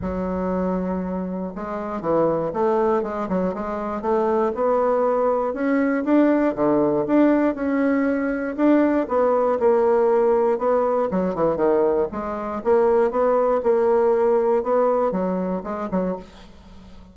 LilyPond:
\new Staff \with { instrumentName = "bassoon" } { \time 4/4 \tempo 4 = 119 fis2. gis4 | e4 a4 gis8 fis8 gis4 | a4 b2 cis'4 | d'4 d4 d'4 cis'4~ |
cis'4 d'4 b4 ais4~ | ais4 b4 fis8 e8 dis4 | gis4 ais4 b4 ais4~ | ais4 b4 fis4 gis8 fis8 | }